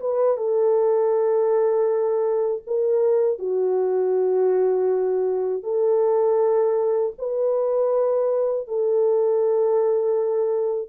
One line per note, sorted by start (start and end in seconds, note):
0.00 0.37 B4
0.37 2.62 A4
2.67 3.39 A#4
3.39 5.63 F#4
5.63 7.13 A4
7.18 8.67 B4
8.67 10.89 A4